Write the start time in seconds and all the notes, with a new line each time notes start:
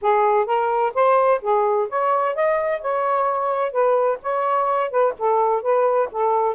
0.01 G#4
0.46 A#4
0.94 C5
1.41 G#4
1.89 C#5
2.35 D#5
2.81 C#5
3.71 B4
4.22 C#5
4.90 B4
5.18 A4
5.62 B4
6.11 A4